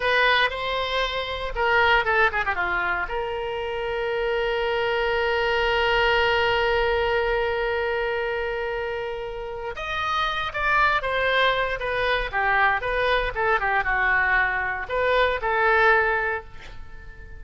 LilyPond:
\new Staff \with { instrumentName = "oboe" } { \time 4/4 \tempo 4 = 117 b'4 c''2 ais'4 | a'8 gis'16 g'16 f'4 ais'2~ | ais'1~ | ais'1~ |
ais'2. dis''4~ | dis''8 d''4 c''4. b'4 | g'4 b'4 a'8 g'8 fis'4~ | fis'4 b'4 a'2 | }